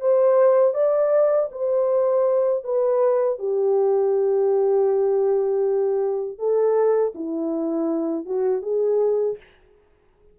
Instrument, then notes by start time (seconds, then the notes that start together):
horn
0.00 C5
0.74 D5
1.51 C5
2.64 B4
3.39 G4
6.38 A4
7.15 E4
8.25 F#4
8.62 G#4